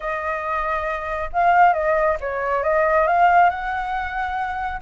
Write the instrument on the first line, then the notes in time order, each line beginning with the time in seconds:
flute
0.00 D#5
1.33 F5
1.73 D#5
2.20 C#5
2.63 D#5
3.07 F5
3.50 F#5